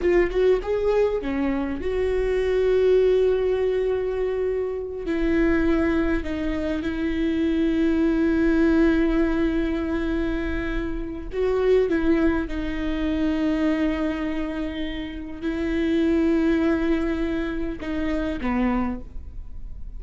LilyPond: \new Staff \with { instrumentName = "viola" } { \time 4/4 \tempo 4 = 101 f'8 fis'8 gis'4 cis'4 fis'4~ | fis'1~ | fis'8 e'2 dis'4 e'8~ | e'1~ |
e'2. fis'4 | e'4 dis'2.~ | dis'2 e'2~ | e'2 dis'4 b4 | }